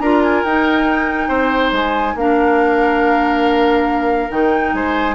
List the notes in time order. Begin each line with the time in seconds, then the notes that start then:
0.00 D4 F4 A#4 A#5
0.23 G#5
0.44 D#4 G5
1.28 C4 C5
1.72 G#3 G#5
2.15 A#3 D4 A#4 F5
4.30 D#3 D#4 G5
4.73 G#3 C5 G#5